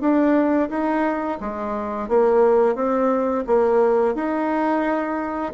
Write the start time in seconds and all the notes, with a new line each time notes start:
0.00 D4
0.69 D#4
1.40 G#3
2.08 A#3
2.75 C4
3.47 A#3
4.14 D#4